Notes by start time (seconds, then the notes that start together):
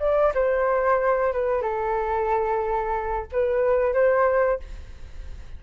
0.00 D5
0.35 C5
1.33 B4
1.62 A4
3.32 B4
3.94 C5